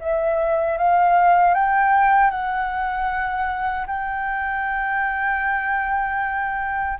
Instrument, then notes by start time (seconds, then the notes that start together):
flute
0.00 E5
0.78 F5
1.54 G5
2.31 F#5
3.87 G5